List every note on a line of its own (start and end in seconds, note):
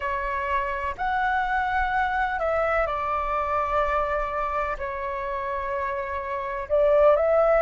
0.00 0.94 C#5
0.97 2.39 F#5
2.39 2.86 E5
2.86 4.77 D5
4.77 6.68 C#5
6.68 7.16 D5
7.16 7.61 E5